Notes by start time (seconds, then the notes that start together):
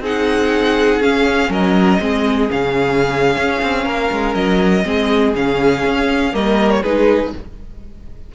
0.00 C4 D#4 G#4 F#5
1.00 C#4 F5
1.49 F#3 A#4 D#5
2.00 G#3 C4 G#4
2.49 C#3 C#4 F5
3.37 C#4
3.62 C4
3.85 A#3 A#4
4.11 G#3
4.34 F#3 D#5
4.84 G#3 C4 G#4
5.35 C#3 C#4 F5
5.85 C#4
6.33 G3 A#3 A#4 D#5
6.70 C#5
6.82 G#3 D#4 G#4 B4